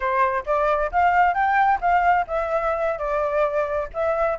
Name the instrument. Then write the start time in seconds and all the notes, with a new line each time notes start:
flute
0.00 C5
0.46 D5
0.91 F5
1.34 G5
1.80 F5
2.27 E5
2.98 D5
3.93 E5